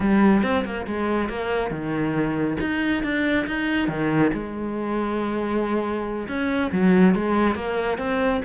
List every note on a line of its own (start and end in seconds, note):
0.00 0.43 G3
0.43 0.64 C4
0.64 0.86 A#3
0.87 1.29 G#3
1.29 1.71 A#3
1.71 2.57 D#3
2.60 3.03 D#4
3.03 3.46 D4
3.46 3.88 D#4
3.88 4.31 D#3
4.33 6.27 G#3
6.27 6.71 C#4
6.72 7.14 F#3
7.14 7.55 G#3
7.55 7.97 A#3
7.97 8.41 C4